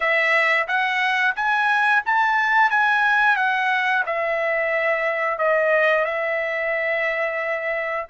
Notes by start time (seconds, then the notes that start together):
0.00 E5
0.67 F#5
1.35 G#5
2.05 A5
2.70 G#5
3.36 F#5
4.06 E5
5.38 D#5
6.04 E5